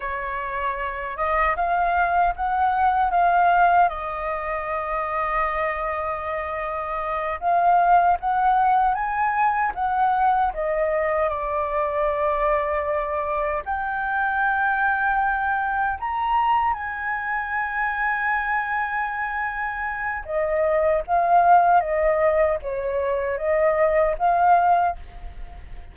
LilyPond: \new Staff \with { instrumentName = "flute" } { \time 4/4 \tempo 4 = 77 cis''4. dis''8 f''4 fis''4 | f''4 dis''2.~ | dis''4. f''4 fis''4 gis''8~ | gis''8 fis''4 dis''4 d''4.~ |
d''4. g''2~ g''8~ | g''8 ais''4 gis''2~ gis''8~ | gis''2 dis''4 f''4 | dis''4 cis''4 dis''4 f''4 | }